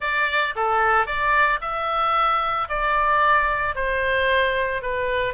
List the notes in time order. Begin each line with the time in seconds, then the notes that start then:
0.00 D5
0.55 A4
1.06 D5
1.61 E5
2.68 D5
3.75 C5
4.81 B4